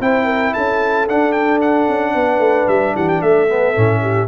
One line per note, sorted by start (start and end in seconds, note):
0.00 0.54 C4
0.00 1.08 E4
0.00 0.25 C5
0.00 0.54 G5
0.25 0.52 A#4
0.53 1.08 C#4
0.53 2.14 A4
0.53 1.07 A5
1.08 1.89 D4
1.08 3.49 D4
1.08 1.32 F#5
1.32 1.59 G5
1.61 2.68 F#5
1.89 2.14 C#4
2.14 2.39 B3
2.14 2.94 B4
2.39 2.66 A3
2.68 2.95 G3
2.68 2.95 E5
2.94 3.22 E3
2.94 3.21 G4
2.94 3.09 F#5
3.09 3.22 G5
3.22 3.76 A3
3.22 4.02 A4
3.22 4.28 E5
3.49 3.75 B3
3.75 4.28 A2
3.75 4.28 C#4
4.02 4.28 G4